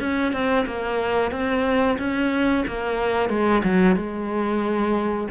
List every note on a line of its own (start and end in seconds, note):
0.00 0.33 C#4
0.33 0.66 C4
0.67 1.32 A#3
1.32 1.98 C4
1.99 2.65 C#4
2.68 3.29 A#3
3.29 3.62 G#3
3.64 3.96 F#3
3.96 5.28 G#3